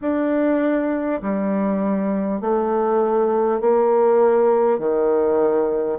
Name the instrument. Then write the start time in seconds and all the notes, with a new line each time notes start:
bassoon
0.01 D4
1.21 G3
2.41 A3
3.61 A#3
4.78 D#3